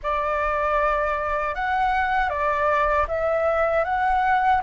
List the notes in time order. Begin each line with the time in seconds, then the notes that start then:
0.02 D5
1.55 F#5
2.29 D5
3.08 E5
3.84 F#5